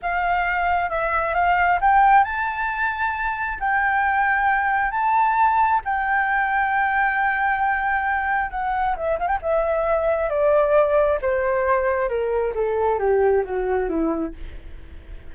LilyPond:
\new Staff \with { instrumentName = "flute" } { \time 4/4 \tempo 4 = 134 f''2 e''4 f''4 | g''4 a''2. | g''2. a''4~ | a''4 g''2.~ |
g''2. fis''4 | e''8 f''16 g''16 e''2 d''4~ | d''4 c''2 ais'4 | a'4 g'4 fis'4 e'4 | }